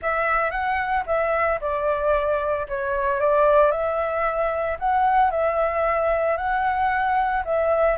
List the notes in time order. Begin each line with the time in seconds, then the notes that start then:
0.01 E5
0.50 F#5
1.06 E5
1.60 D5
2.68 C#5
3.20 D5
3.71 E5
4.79 F#5
5.30 E5
6.37 F#5
7.45 E5